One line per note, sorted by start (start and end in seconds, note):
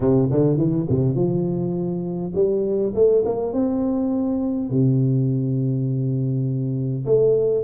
0.00 0.29 C3
0.31 0.57 D3
0.57 0.86 E3
0.89 1.15 C3
1.15 2.33 F3
2.34 2.93 G3
2.94 3.24 A3
3.25 3.52 A#3
3.52 4.70 C4
4.70 7.05 C3
7.05 7.63 A3